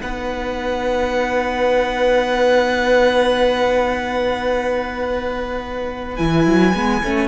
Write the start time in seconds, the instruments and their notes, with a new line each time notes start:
0.00 cello B3, viola D#4, violin B4 F#5
6.16 cello E3, viola E4, violin G#5
6.46 cello F#3
6.75 cello G#3, viola B3
7.03 cello A3, viola C#4